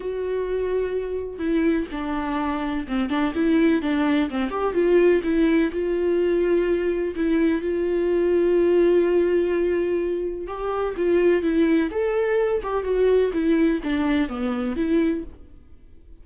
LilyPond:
\new Staff \with { instrumentName = "viola" } { \time 4/4 \tempo 4 = 126 fis'2. e'4 | d'2 c'8 d'8 e'4 | d'4 c'8 g'8 f'4 e'4 | f'2. e'4 |
f'1~ | f'2 g'4 f'4 | e'4 a'4. g'8 fis'4 | e'4 d'4 b4 e'4 | }